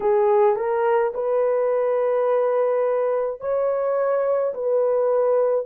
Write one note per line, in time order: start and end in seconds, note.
0.00 0.56 G#4
0.56 1.12 A#4
1.13 3.40 B4
3.40 4.53 C#5
4.53 5.66 B4